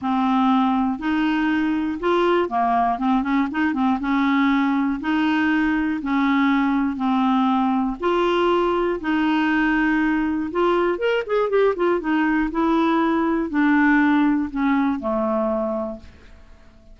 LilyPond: \new Staff \with { instrumentName = "clarinet" } { \time 4/4 \tempo 4 = 120 c'2 dis'2 | f'4 ais4 c'8 cis'8 dis'8 c'8 | cis'2 dis'2 | cis'2 c'2 |
f'2 dis'2~ | dis'4 f'4 ais'8 gis'8 g'8 f'8 | dis'4 e'2 d'4~ | d'4 cis'4 a2 | }